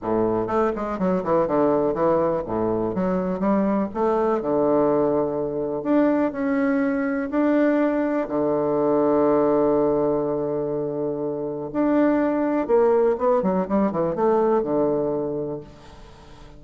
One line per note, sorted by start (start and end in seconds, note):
0.02 0.47 A2
0.47 0.71 A3
0.75 0.98 G#3
0.98 1.23 F#3
1.23 1.47 E3
1.47 1.94 D3
1.94 2.42 E3
2.45 2.94 A2
2.94 3.39 F#3
3.39 3.88 G3
3.94 4.41 A3
4.41 5.83 D3
5.83 6.32 D4
6.32 7.29 C#4
7.30 8.27 D4
8.28 11.70 D3
11.72 12.67 D4
12.67 13.16 A#3
13.18 13.42 B3
13.42 13.66 F#3
13.68 13.91 G3
13.91 14.15 E3
14.15 14.63 A3
14.63 15.60 D3